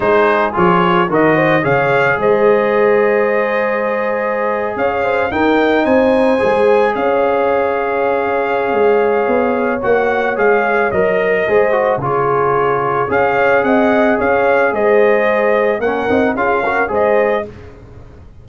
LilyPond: <<
  \new Staff \with { instrumentName = "trumpet" } { \time 4/4 \tempo 4 = 110 c''4 cis''4 dis''4 f''4 | dis''1~ | dis''8. f''4 g''4 gis''4~ gis''16~ | gis''8. f''2.~ f''16~ |
f''2 fis''4 f''4 | dis''2 cis''2 | f''4 fis''4 f''4 dis''4~ | dis''4 fis''4 f''4 dis''4 | }
  \new Staff \with { instrumentName = "horn" } { \time 4/4 gis'2 ais'8 c''8 cis''4 | c''1~ | c''8. cis''8 c''8 ais'4 c''4~ c''16~ | c''8. cis''2.~ cis''16~ |
cis''1~ | cis''4 c''4 gis'2 | cis''4 dis''4 cis''4 c''4~ | c''4 ais'4 gis'8 ais'8 c''4 | }
  \new Staff \with { instrumentName = "trombone" } { \time 4/4 dis'4 f'4 fis'4 gis'4~ | gis'1~ | gis'4.~ gis'16 dis'2 gis'16~ | gis'1~ |
gis'2 fis'4 gis'4 | ais'4 gis'8 fis'8 f'2 | gis'1~ | gis'4 cis'8 dis'8 f'8 fis'8 gis'4 | }
  \new Staff \with { instrumentName = "tuba" } { \time 4/4 gis4 f4 dis4 cis4 | gis1~ | gis8. cis'4 dis'4 c'4 gis16~ | gis8. cis'2.~ cis'16 |
gis4 b4 ais4 gis4 | fis4 gis4 cis2 | cis'4 c'4 cis'4 gis4~ | gis4 ais8 c'8 cis'4 gis4 | }
>>